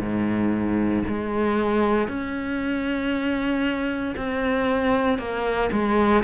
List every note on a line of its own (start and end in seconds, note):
0.00 1.03 G#2
1.08 2.08 G#3
2.08 4.15 C#4
4.17 5.19 C4
5.19 5.70 A#3
5.72 6.24 G#3